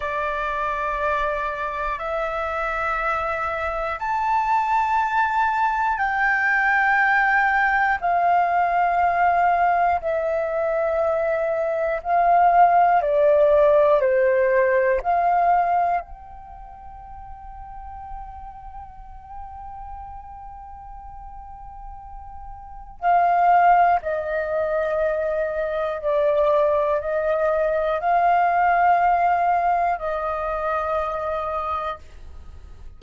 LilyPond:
\new Staff \with { instrumentName = "flute" } { \time 4/4 \tempo 4 = 60 d''2 e''2 | a''2 g''2 | f''2 e''2 | f''4 d''4 c''4 f''4 |
g''1~ | g''2. f''4 | dis''2 d''4 dis''4 | f''2 dis''2 | }